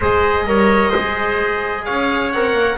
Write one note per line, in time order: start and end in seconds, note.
0.00 0.46 G#3
0.00 0.46 G#4
0.00 0.47 C5
0.00 1.84 D#5
0.46 0.93 G3
0.46 0.92 A#4
0.46 0.90 C#5
0.90 1.88 G#3
0.90 2.33 G#4
0.90 1.83 C5
1.84 2.34 C#4
1.84 2.78 C#5
1.84 2.31 F5
2.31 2.53 C4
2.31 2.78 A#4
2.31 2.78 F#5
2.53 2.76 A#3